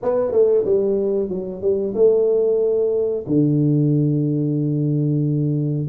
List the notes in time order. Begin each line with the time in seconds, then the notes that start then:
0.02 B3
0.31 A3
0.64 G3
1.29 F#3
1.61 G3
1.94 A3
3.26 D3